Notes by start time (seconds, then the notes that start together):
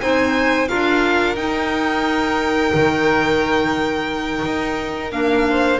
0.00 C4 D#4 C5 G#5
0.67 D4 F4 A#4 F5
1.35 D#4 G5
2.74 D#3
4.45 D#4
5.11 A#3 D4 F5
5.49 C5